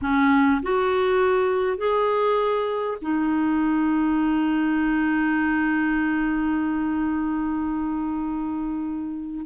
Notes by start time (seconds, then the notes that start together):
0.01 C#4
0.62 F#4
1.77 G#4
3.01 D#4